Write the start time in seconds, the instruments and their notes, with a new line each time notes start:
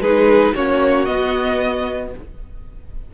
0.00 cello G#3, viola D#4, violin G#4 B4
0.55 cello A#3, viola C#4, violin F#4 C#5
1.06 viola B3, cello B3, violin D#5